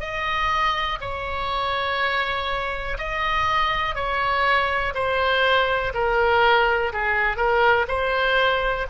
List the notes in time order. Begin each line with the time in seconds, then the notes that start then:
0.00 D#5
1.01 C#5
2.97 D#5
3.95 C#5
4.94 C5
5.94 A#4
6.93 G#4
7.36 A#4
7.88 C5